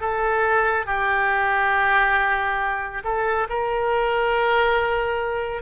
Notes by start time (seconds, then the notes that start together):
0.00 A4
0.86 G4
3.04 A4
3.49 A#4